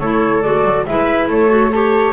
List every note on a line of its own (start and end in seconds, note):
0.00 0.43 A3
0.00 0.43 E4
0.00 0.87 A4
0.00 0.42 C#5
0.42 0.64 G#3
0.42 0.86 F#4
0.42 0.85 D5
0.64 0.85 F#3
0.87 1.28 G#3
0.87 1.49 E4
0.87 1.30 B4
0.87 1.30 E5
1.28 2.13 A3
1.28 1.73 A4
1.28 1.72 C#5
1.49 1.71 F#4
1.72 2.13 G4
1.72 2.13 A4
1.72 2.13 C#5